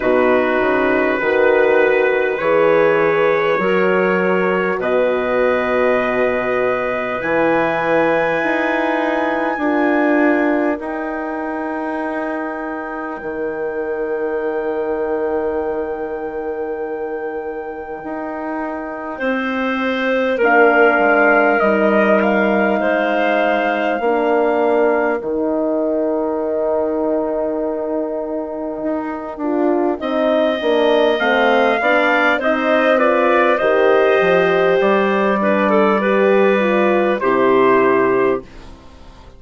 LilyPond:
<<
  \new Staff \with { instrumentName = "trumpet" } { \time 4/4 \tempo 4 = 50 b'2 cis''2 | dis''2 gis''2~ | gis''4 g''2.~ | g''1~ |
g''4 f''4 dis''8 f''4.~ | f''4 g''2.~ | g''2 f''4 dis''8 d''8 | dis''4 d''2 c''4 | }
  \new Staff \with { instrumentName = "clarinet" } { \time 4/4 fis'4 b'2 ais'4 | b'1 | ais'1~ | ais'1 |
c''4 ais'2 c''4 | ais'1~ | ais'4 dis''4. d''8 c''8 b'8 | c''4. b'16 a'16 b'4 g'4 | }
  \new Staff \with { instrumentName = "horn" } { \time 4/4 dis'4 fis'4 gis'4 fis'4~ | fis'2 e'2 | f'4 dis'2.~ | dis'1~ |
dis'4 d'4 dis'2 | d'4 dis'2.~ | dis'8 f'8 dis'8 d'8 c'8 d'8 dis'8 f'8 | g'4. d'8 g'8 f'8 e'4 | }
  \new Staff \with { instrumentName = "bassoon" } { \time 4/4 b,8 cis8 dis4 e4 fis4 | b,2 e4 dis'4 | d'4 dis'2 dis4~ | dis2. dis'4 |
c'4 ais8 gis8 g4 gis4 | ais4 dis2. | dis'8 d'8 c'8 ais8 a8 b8 c'4 | dis8 f8 g2 c4 | }
>>